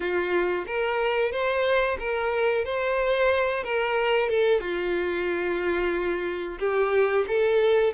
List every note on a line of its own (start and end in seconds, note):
0.00 0.65 F4
0.66 1.32 A#4
1.32 1.98 C5
1.99 2.64 A#4
2.64 3.63 C5
3.63 4.29 A#4
4.29 4.60 A4
4.60 6.58 F4
6.59 7.25 G4
7.27 7.93 A4